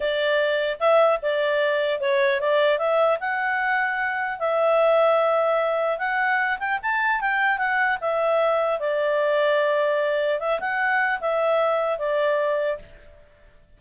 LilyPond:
\new Staff \with { instrumentName = "clarinet" } { \time 4/4 \tempo 4 = 150 d''2 e''4 d''4~ | d''4 cis''4 d''4 e''4 | fis''2. e''4~ | e''2. fis''4~ |
fis''8 g''8 a''4 g''4 fis''4 | e''2 d''2~ | d''2 e''8 fis''4. | e''2 d''2 | }